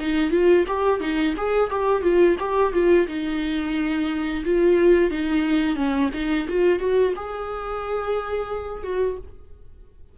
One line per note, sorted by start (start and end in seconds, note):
0.00 0.31 D#4
0.31 0.65 F4
0.68 1.00 G4
1.00 1.35 D#4
1.37 1.71 G#4
1.71 2.02 G4
2.02 2.36 F4
2.40 2.73 G4
2.73 3.07 F4
3.08 4.44 D#4
4.45 5.11 F4
5.11 5.76 D#4
5.76 6.10 C#4
6.14 6.48 D#4
6.48 6.80 F4
6.80 7.14 F#4
7.16 8.84 G#4
8.84 9.18 F#4